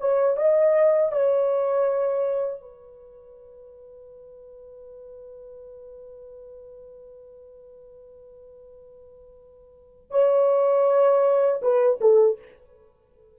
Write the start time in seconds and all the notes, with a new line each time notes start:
0.00 C#5
0.36 D#5
1.11 C#5
2.61 B4
10.10 C#5
11.62 B4
12.01 A4